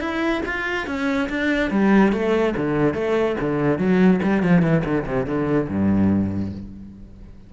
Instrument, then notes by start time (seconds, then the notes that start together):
cello
0.00 E4
0.46 F4
0.87 C#4
1.29 D4
1.71 G3
2.13 A3
2.57 D3
2.94 A3
3.41 D3
3.78 F#3
4.23 G3
4.43 F3
4.62 E3
4.85 D3
5.06 C3
5.26 D3
5.69 G2